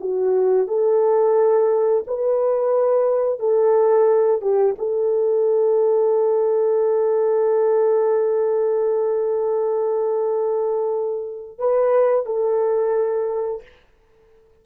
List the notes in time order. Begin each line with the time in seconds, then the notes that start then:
0.00 F#4
0.67 A4
2.07 B4
3.39 A4
4.41 G4
4.78 A4
11.58 B4
12.25 A4